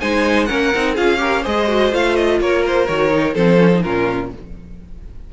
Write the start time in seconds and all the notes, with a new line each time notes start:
0.00 G#3 D#4 C5 G#5
0.45 A#3 C#4 A#4 F#5
0.75 C4 D#4
0.94 C#4 F4 G#4 F5
1.17 G4 A#4
1.42 G#3 G#4 C5 D#5
1.68 F#4
1.92 A3 F4 F5
2.16 D#5
2.40 A#3 A#4 C#5
2.67 C5
2.87 D#3 F#4 C#5
3.10 D#4
3.33 F3 C4 A4 C5
3.58 C#4
3.74 D#4
3.82 A#2 C#4 F4 A#4